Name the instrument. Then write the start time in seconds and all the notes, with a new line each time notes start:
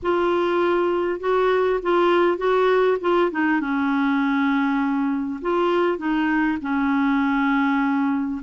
clarinet
0.02 F4
1.20 F#4
1.82 F4
2.37 F#4
3.00 F4
3.31 D#4
3.60 C#4
5.41 F4
5.98 D#4
6.61 C#4